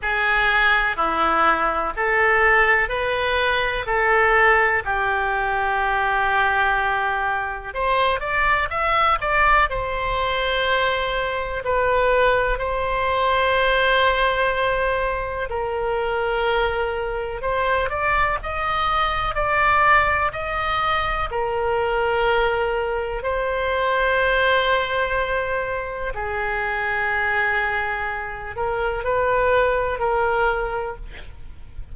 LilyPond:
\new Staff \with { instrumentName = "oboe" } { \time 4/4 \tempo 4 = 62 gis'4 e'4 a'4 b'4 | a'4 g'2. | c''8 d''8 e''8 d''8 c''2 | b'4 c''2. |
ais'2 c''8 d''8 dis''4 | d''4 dis''4 ais'2 | c''2. gis'4~ | gis'4. ais'8 b'4 ais'4 | }